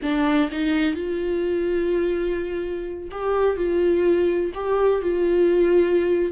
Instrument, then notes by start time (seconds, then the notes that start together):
viola
0.02 D4
0.51 D#4
0.94 F4
3.11 G4
3.56 F4
4.54 G4
5.02 F4